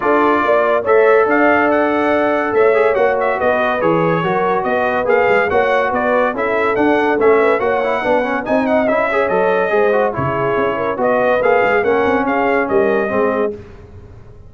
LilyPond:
<<
  \new Staff \with { instrumentName = "trumpet" } { \time 4/4 \tempo 4 = 142 d''2 e''4 f''4 | fis''2 e''4 fis''8 e''8 | dis''4 cis''2 dis''4 | f''4 fis''4 d''4 e''4 |
fis''4 e''4 fis''2 | gis''8 fis''8 e''4 dis''2 | cis''2 dis''4 f''4 | fis''4 f''4 dis''2 | }
  \new Staff \with { instrumentName = "horn" } { \time 4/4 a'4 d''4 cis''4 d''4~ | d''2 cis''2 | b'2 ais'4 b'4~ | b'4 cis''4 b'4 a'4~ |
a'4. b'8 cis''4 b'4 | dis''4. cis''4. c''4 | gis'4. ais'8 b'2 | ais'4 gis'4 ais'4 gis'4 | }
  \new Staff \with { instrumentName = "trombone" } { \time 4/4 f'2 a'2~ | a'2~ a'8 gis'8 fis'4~ | fis'4 gis'4 fis'2 | gis'4 fis'2 e'4 |
d'4 cis'4 fis'8 e'8 d'8 cis'8 | dis'4 e'8 gis'8 a'4 gis'8 fis'8 | e'2 fis'4 gis'4 | cis'2. c'4 | }
  \new Staff \with { instrumentName = "tuba" } { \time 4/4 d'4 ais4 a4 d'4~ | d'2 a4 ais4 | b4 e4 fis4 b4 | ais8 gis8 ais4 b4 cis'4 |
d'4 a4 ais4 b4 | c'4 cis'4 fis4 gis4 | cis4 cis'4 b4 ais8 gis8 | ais8 c'8 cis'4 g4 gis4 | }
>>